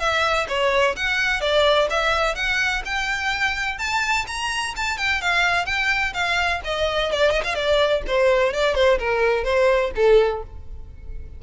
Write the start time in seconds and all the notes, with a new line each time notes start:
0.00 E5
0.49 C#5
0.97 F#5
1.41 D5
1.90 E5
2.36 F#5
2.86 G5
3.79 A5
4.28 A#5
4.77 A5
4.98 G5
5.22 F5
5.66 G5
6.14 F5
6.65 D#5
7.12 D5
7.31 D#5
7.44 F5
7.55 D5
8.08 C5
8.54 D5
8.75 C5
8.99 A#4
9.44 C5
9.96 A4